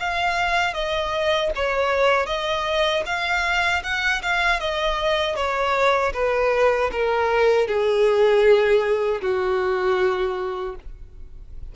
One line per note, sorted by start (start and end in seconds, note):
0.00 0.74 F5
0.74 1.51 D#5
1.56 2.27 C#5
2.27 3.03 D#5
3.06 3.83 F5
3.84 4.22 F#5
4.23 4.60 F5
4.60 5.36 D#5
5.36 6.13 C#5
6.14 6.91 B4
6.92 7.67 A#4
7.67 9.21 G#4
9.22 10.76 F#4